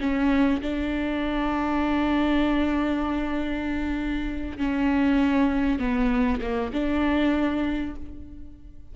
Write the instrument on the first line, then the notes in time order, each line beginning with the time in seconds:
viola
0.00 C#4
0.61 D4
4.58 C#4
5.79 B3
6.41 A#3
6.73 D4